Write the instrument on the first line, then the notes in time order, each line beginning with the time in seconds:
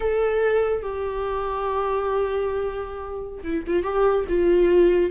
viola
0.00 A4
0.82 G4
3.43 E4
3.66 F4
3.83 G4
4.28 F4